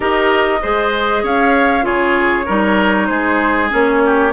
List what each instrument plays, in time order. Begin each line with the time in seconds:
0.00 bassoon D#4, clarinet G4, oboe A#4, flute D#5
0.61 bassoon G#3, clarinet G#4, oboe C5
1.23 bassoon C#4, oboe C#5, flute F5
1.81 bassoon C#3, clarinet F4, oboe G#4, flute C#5
2.45 bassoon G3, clarinet D#4, oboe A#4
3.06 bassoon G#3, oboe G#4, flute C5
3.69 bassoon A#3, clarinet C#4, flute C#5
4.05 oboe G4